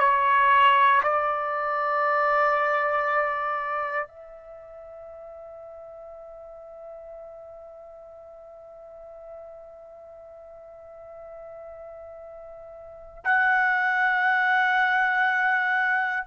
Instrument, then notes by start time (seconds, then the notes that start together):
trumpet
0.00 C#5
1.03 D5
4.08 E5
13.25 F#5